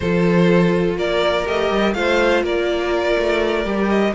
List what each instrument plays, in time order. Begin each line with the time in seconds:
0.00 cello F3, viola F4, violin A4 C5
0.97 cello A#3, violin A#4 D5
1.45 cello A3, viola G4, violin D#5
1.70 cello G3
1.93 cello A3, viola F4, violin C5 F5
2.43 cello A#3, violin A#4 D5
3.18 cello A3
3.65 cello G3, viola G4
3.89 violin D#5